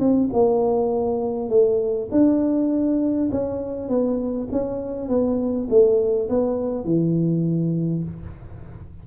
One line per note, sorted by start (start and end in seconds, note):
0.00 0.30 C4
0.33 1.50 A#3
1.50 2.09 A3
2.11 3.30 D4
3.32 3.89 C#4
3.89 4.49 B3
4.52 5.09 C#4
5.09 5.68 B3
5.70 6.29 A3
6.29 6.85 B3
6.85 8.04 E3